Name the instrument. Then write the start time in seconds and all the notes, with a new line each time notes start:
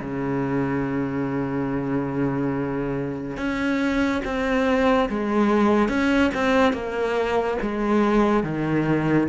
cello
0.00 C#3
3.37 C#4
4.24 C4
5.09 G#3
5.88 C#4
6.34 C4
6.73 A#3
7.62 G#3
8.43 D#3